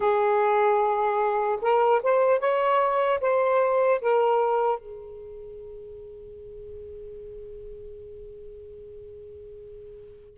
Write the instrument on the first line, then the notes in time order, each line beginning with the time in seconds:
saxophone
0.00 G#4
1.61 A#4
2.02 C5
2.39 C#5
3.20 C5
4.01 A#4
4.78 G#4